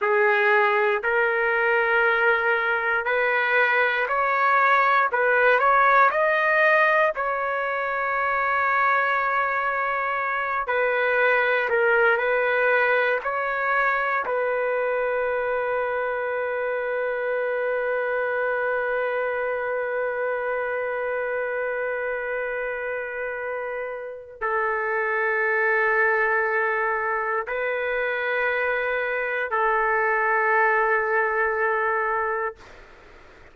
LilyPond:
\new Staff \with { instrumentName = "trumpet" } { \time 4/4 \tempo 4 = 59 gis'4 ais'2 b'4 | cis''4 b'8 cis''8 dis''4 cis''4~ | cis''2~ cis''8 b'4 ais'8 | b'4 cis''4 b'2~ |
b'1~ | b'1 | a'2. b'4~ | b'4 a'2. | }